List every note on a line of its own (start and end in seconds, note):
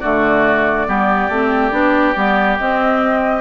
0.00 0.88 D3
0.00 0.87 A3
0.00 0.86 F#4
0.00 2.57 D5
0.87 1.29 G3
0.87 1.30 B3
0.87 3.41 G4
1.29 1.72 A3
1.29 1.72 C4
1.72 2.15 B3
1.72 2.14 D4
2.16 2.59 G3
2.16 2.59 B3
2.58 3.41 C4
2.58 3.41 D#5